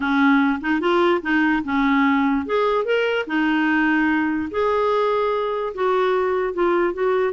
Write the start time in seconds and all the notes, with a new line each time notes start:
0.00 C#4
0.60 D#4
0.80 F4
1.22 D#4
1.64 C#4
2.46 G#4
2.85 A#4
3.27 D#4
4.50 G#4
5.74 F#4
6.53 F4
6.93 F#4